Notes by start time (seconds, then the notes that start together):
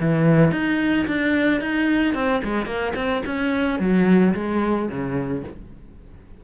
0.00 E3
0.51 D#4
1.07 D4
1.60 D#4
2.14 C4
2.44 G#3
2.66 A#3
2.95 C4
3.26 C#4
3.79 F#3
4.34 G#3
4.89 C#3